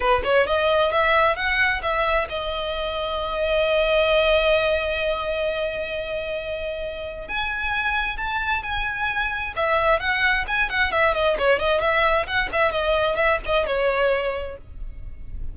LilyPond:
\new Staff \with { instrumentName = "violin" } { \time 4/4 \tempo 4 = 132 b'8 cis''8 dis''4 e''4 fis''4 | e''4 dis''2.~ | dis''1~ | dis''1 |
gis''2 a''4 gis''4~ | gis''4 e''4 fis''4 gis''8 fis''8 | e''8 dis''8 cis''8 dis''8 e''4 fis''8 e''8 | dis''4 e''8 dis''8 cis''2 | }